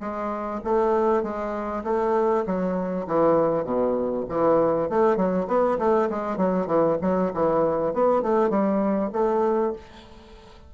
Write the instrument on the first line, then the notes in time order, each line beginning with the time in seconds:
bassoon
0.00 G#3
0.64 A3
1.23 G#3
1.84 A3
2.46 F#3
3.07 E3
3.64 B2
4.29 E3
4.90 A3
5.17 F#3
5.47 B3
5.79 A3
6.10 G#3
6.37 F#3
6.67 E3
7.01 F#3
7.34 E3
7.93 B3
8.22 A3
8.50 G3
9.12 A3